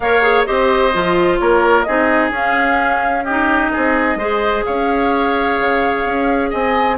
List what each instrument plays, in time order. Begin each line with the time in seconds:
0.00 bassoon A#3, clarinet A#4, oboe C#5, flute F5
0.22 clarinet G#4
0.45 bassoon C4, clarinet G4, oboe C5, flute D#5
0.92 bassoon F3, clarinet F4
1.39 bassoon A#3, oboe A#4, flute C#5
1.82 bassoon C4, clarinet D#4, oboe G#4, flute D#5
2.30 bassoon C#4, clarinet C#4, flute F5
3.24 clarinet D#4, oboe G4, flute D#5
3.73 bassoon C4, oboe G#4
4.15 bassoon G#3, clarinet G#4, oboe C5
4.64 bassoon C#4, oboe C#5, flute F5
5.59 bassoon C#3
6.05 bassoon C#4
6.50 bassoon C4, oboe D#5, flute G#5